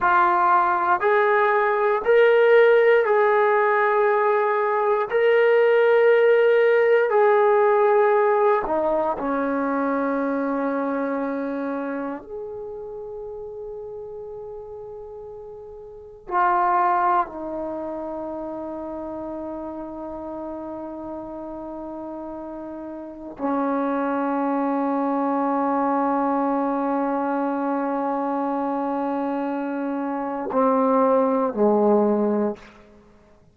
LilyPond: \new Staff \with { instrumentName = "trombone" } { \time 4/4 \tempo 4 = 59 f'4 gis'4 ais'4 gis'4~ | gis'4 ais'2 gis'4~ | gis'8 dis'8 cis'2. | gis'1 |
f'4 dis'2.~ | dis'2. cis'4~ | cis'1~ | cis'2 c'4 gis4 | }